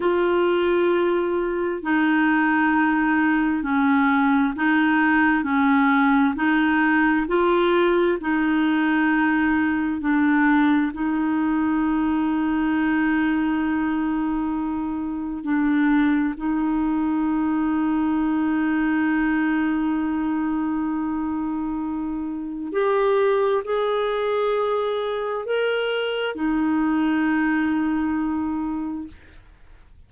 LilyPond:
\new Staff \with { instrumentName = "clarinet" } { \time 4/4 \tempo 4 = 66 f'2 dis'2 | cis'4 dis'4 cis'4 dis'4 | f'4 dis'2 d'4 | dis'1~ |
dis'4 d'4 dis'2~ | dis'1~ | dis'4 g'4 gis'2 | ais'4 dis'2. | }